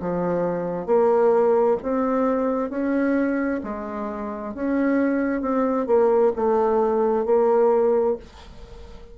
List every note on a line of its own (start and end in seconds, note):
0.00 0.86 F3
0.86 1.77 A#3
1.83 2.70 C4
2.70 3.61 C#4
3.64 4.54 G#3
4.54 5.41 C#4
5.41 5.87 C4
5.87 6.32 A#3
6.36 7.26 A3
7.26 8.17 A#3